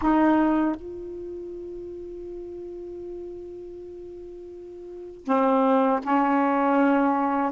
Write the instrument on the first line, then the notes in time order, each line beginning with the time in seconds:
saxophone
0.01 D#4
0.75 F4
5.25 C4
6.03 C#4